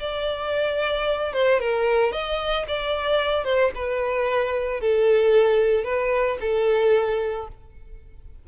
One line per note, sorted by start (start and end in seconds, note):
0.00 1.33 D5
1.33 1.60 C5
1.60 2.13 A#4
2.13 2.66 D#5
2.68 3.45 D5
3.45 3.72 C5
3.75 4.81 B4
4.81 5.85 A4
5.85 6.38 B4
6.41 7.48 A4